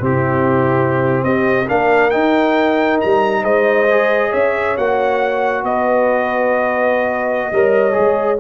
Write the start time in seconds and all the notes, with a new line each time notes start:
0.00 C3 C4 E4 G4
1.24 C4 G4 D#5
1.68 A#3 D4 A#4 F5
2.10 D#4 G5
3.00 G3 A#5
3.42 G#3 C5 D#5
3.90 G#4
4.29 C#4 C#5 E5
4.77 A#3 F#4 F#5
5.63 B3 B4 D#5
7.52 G3 A#4 C#5
7.92 G#4
7.98 G#3